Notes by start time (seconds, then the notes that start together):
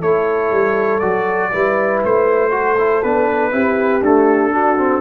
0.00 A3 E4 A4 C#5
0.51 G3
0.99 F#3 F#4 D5
1.52 G3 E4 B4
2.04 A3 C5
2.51 F#4 A4
2.78 E4
3.03 B3 D4 B4
3.52 C4 E4 G4
4.02 A3 D4 A4
4.52 D4 F#4
4.78 C4